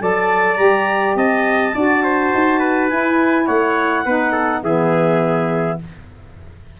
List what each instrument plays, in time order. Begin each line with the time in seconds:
0.00 tuba F#3, saxophone A4, trumpet D5, clarinet A5
0.56 tuba G3, saxophone G4, clarinet A#5
1.15 tuba C4, trumpet D#5, clarinet A5
1.74 tuba D4, saxophone F#4, trumpet D5
2.03 trumpet C5
2.34 tuba D#4
2.59 trumpet B4
2.89 saxophone E4, tuba E4, clarinet G#5
3.46 tuba A3, trumpet C#5, clarinet F#5
4.05 tuba B3, saxophone D#4, trumpet B4
4.31 trumpet A4
4.62 tuba E3, saxophone B3, trumpet G#4, clarinet E5